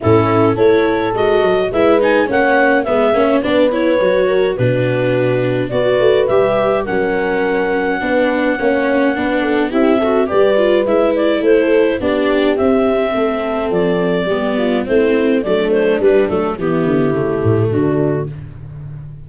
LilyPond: <<
  \new Staff \with { instrumentName = "clarinet" } { \time 4/4 \tempo 4 = 105 a'4 cis''4 dis''4 e''8 gis''8 | fis''4 e''4 d''8 cis''4. | b'2 d''4 e''4 | fis''1~ |
fis''4 e''4 d''4 e''8 d''8 | c''4 d''4 e''2 | d''2 c''4 d''8 c''8 | b'8 a'8 g'2 fis'4 | }
  \new Staff \with { instrumentName = "horn" } { \time 4/4 e'4 a'2 b'4 | cis''4 b'8 cis''8 b'4. ais'8 | fis'2 b'2 | ais'2 b'4 cis''4 |
b'8 a'8 g'8 a'8 b'2 | a'4 g'2 a'4~ | a'4 g'8 f'8 e'4 d'4~ | d'4 e'2 d'4 | }
  \new Staff \with { instrumentName = "viola" } { \time 4/4 cis'4 e'4 fis'4 e'8 dis'8 | cis'4 b8 cis'8 d'8 e'8 fis'4 | d'2 fis'4 g'4 | cis'2 d'4 cis'4 |
d'4 e'8 fis'8 g'8 f'8 e'4~ | e'4 d'4 c'2~ | c'4 b4 c'4 a4 | g8 a8 b4 a2 | }
  \new Staff \with { instrumentName = "tuba" } { \time 4/4 a,4 a4 gis8 fis8 gis4 | ais4 gis8 ais8 b4 fis4 | b,2 b8 a8 g4 | fis2 b4 ais4 |
b4 c'4 g4 gis4 | a4 b4 c'4 a4 | f4 g4 a4 fis4 | g8 fis8 e8 d8 cis8 a,8 d4 | }
>>